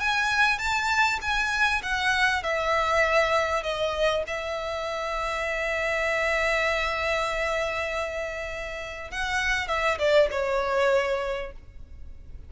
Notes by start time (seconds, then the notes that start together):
0.00 G#5
0.59 A5
1.21 G#5
1.83 F#5
2.43 E5
3.63 D#5
4.27 E5
9.11 F#5
9.68 E5
9.99 D5
10.31 C#5